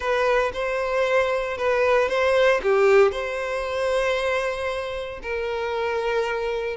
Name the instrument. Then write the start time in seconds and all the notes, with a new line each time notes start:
violin
0.00 B4
0.53 C5
1.57 B4
2.08 C5
2.63 G4
3.11 C5
5.22 A#4